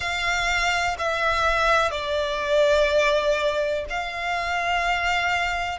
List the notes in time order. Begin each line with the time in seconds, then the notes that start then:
0.00 F5
0.98 E5
1.91 D5
3.89 F5